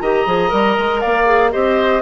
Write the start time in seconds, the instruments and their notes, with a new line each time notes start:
0.00 bassoon D#3, clarinet G4, oboe D#5, flute A#5
0.26 bassoon F3, clarinet G#4
0.48 bassoon G3, clarinet A#4
0.78 bassoon G#3
1.01 bassoon A#3, oboe D5, flute F5
1.25 clarinet G#4
1.52 bassoon C4, clarinet G4, oboe C5, flute D#5